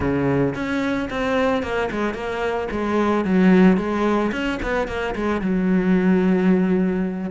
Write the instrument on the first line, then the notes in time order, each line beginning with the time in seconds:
cello
0.00 C#3
0.54 C#4
1.10 C4
1.62 A#3
1.91 G#3
2.14 A#3
2.71 G#3
3.24 F#3
3.77 G#3
4.32 C#4
4.62 B3
4.87 A#3
5.15 G#3
5.41 F#3